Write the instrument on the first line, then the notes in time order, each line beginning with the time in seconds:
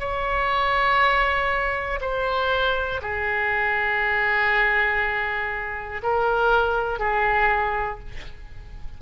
oboe
0.00 C#5
2.00 C5
3.01 G#4
6.03 A#4
7.00 G#4